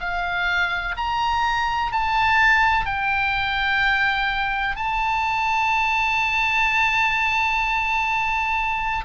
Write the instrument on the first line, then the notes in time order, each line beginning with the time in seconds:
oboe
0.00 F5
0.97 A#5
1.92 A5
2.86 G5
4.76 A5